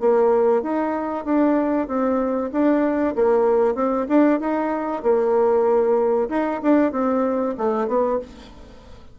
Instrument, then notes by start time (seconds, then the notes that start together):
bassoon
0.00 A#3
0.63 D#4
1.25 D4
1.88 C4
2.52 D4
3.16 A#3
3.75 C4
4.09 D4
4.40 D#4
5.03 A#3
6.29 D#4
6.63 D4
6.92 C4
7.58 A3
7.88 B3